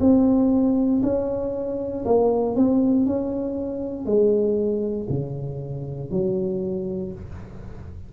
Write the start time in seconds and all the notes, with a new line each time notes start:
0.00 C4
1.03 C#4
2.05 A#3
2.56 C4
3.06 C#4
4.05 G#3
5.09 C#3
6.11 F#3